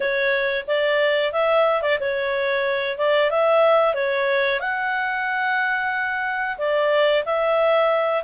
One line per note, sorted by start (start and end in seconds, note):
0.00 0.65 C#5
0.67 1.32 D5
1.32 1.82 E5
1.82 1.98 D5
2.00 2.98 C#5
2.98 3.30 D5
3.30 3.94 E5
3.94 4.59 C#5
4.59 6.57 F#5
6.58 7.23 D5
7.25 8.24 E5